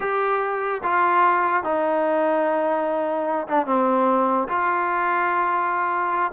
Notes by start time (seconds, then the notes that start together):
0.00 G4
0.83 F4
1.63 D#4
3.47 D4
3.66 C4
4.48 F4